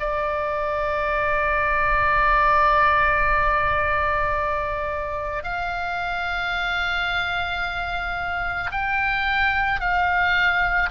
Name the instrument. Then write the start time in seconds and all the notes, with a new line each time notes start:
oboe
0.00 D5
5.44 F5
8.72 G5
9.81 F5